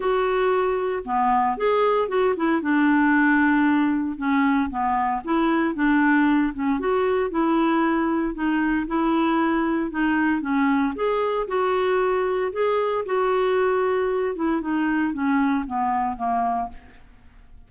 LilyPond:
\new Staff \with { instrumentName = "clarinet" } { \time 4/4 \tempo 4 = 115 fis'2 b4 gis'4 | fis'8 e'8 d'2. | cis'4 b4 e'4 d'4~ | d'8 cis'8 fis'4 e'2 |
dis'4 e'2 dis'4 | cis'4 gis'4 fis'2 | gis'4 fis'2~ fis'8 e'8 | dis'4 cis'4 b4 ais4 | }